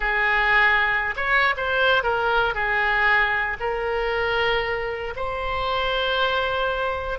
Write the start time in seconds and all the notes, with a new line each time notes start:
0.00 G#4
1.16 C#5
1.56 C5
2.03 A#4
2.54 G#4
3.60 A#4
5.16 C5